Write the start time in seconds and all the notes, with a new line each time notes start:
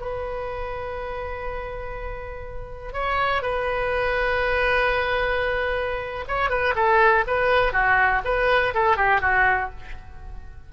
0.00 B4
2.93 C#5
3.42 B4
6.28 C#5
6.50 B4
6.76 A4
7.27 B4
7.73 F#4
8.24 B4
8.74 A4
8.97 G4
9.21 F#4